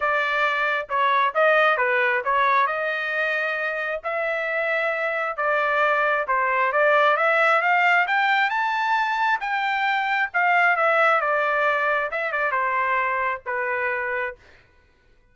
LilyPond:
\new Staff \with { instrumentName = "trumpet" } { \time 4/4 \tempo 4 = 134 d''2 cis''4 dis''4 | b'4 cis''4 dis''2~ | dis''4 e''2. | d''2 c''4 d''4 |
e''4 f''4 g''4 a''4~ | a''4 g''2 f''4 | e''4 d''2 e''8 d''8 | c''2 b'2 | }